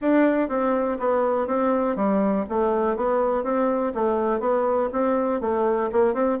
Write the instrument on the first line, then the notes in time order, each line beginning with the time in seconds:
bassoon
0.01 D4
0.49 C4
0.99 B3
1.47 C4
1.96 G3
2.49 A3
2.96 B3
3.43 C4
3.94 A3
4.39 B3
4.92 C4
5.40 A3
5.92 A#3
6.13 C4